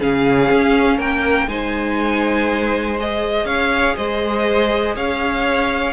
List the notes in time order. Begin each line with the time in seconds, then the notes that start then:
0.00 C#3 C#4 G#4 F5
0.51 C#4
0.97 A#3 A#4 G5
1.48 G#3 D#4 C5 G#5
2.99 G#4 D#5
3.45 C#4 C#5 F5
3.96 G#3 C5 D#5
4.96 C#4 C#5 F5